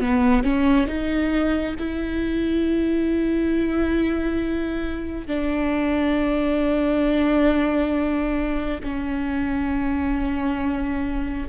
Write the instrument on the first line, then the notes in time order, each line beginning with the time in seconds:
viola
0.00 B3
0.43 C#4
0.87 D#4
1.79 E4
5.27 D4
8.83 C#4